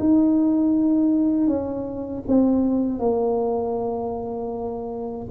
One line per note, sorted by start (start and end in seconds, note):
0.00 1.47 D#4
1.47 2.23 C#4
2.28 3.00 C4
3.00 5.28 A#3